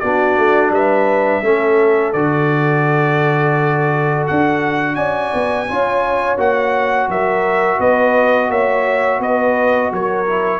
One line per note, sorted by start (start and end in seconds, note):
0.00 0.38 B3
0.00 1.43 D4
0.00 0.73 F#4
0.00 0.71 D5
0.38 0.70 A3
0.70 1.41 G3
0.70 1.43 B4
0.70 2.13 E5
1.43 2.14 A3
1.43 2.14 C#4
1.43 4.96 A4
2.13 4.25 D3
2.13 5.68 F#4
2.13 4.24 D5
4.27 4.96 D4
4.27 4.95 F#5
4.95 5.31 C#4
4.95 5.66 D5
4.95 6.36 G#5
5.34 5.69 B3
5.68 6.37 C#4
5.68 6.37 F4
5.68 7.10 C#5
6.37 7.08 A#3
6.37 10.25 F#4
6.37 7.10 F#5
7.08 7.79 F#3
7.08 7.78 A#4
7.08 7.80 E5
7.78 8.49 B3
7.78 8.49 B4
7.78 8.51 D#5
8.49 9.19 A#3
8.49 9.21 C#5
8.49 9.21 E5
9.19 9.90 B3
9.19 9.93 B4
9.19 9.92 D#5
9.92 10.60 F#3
9.92 10.60 A#4
9.92 10.60 C#5
10.26 10.60 E4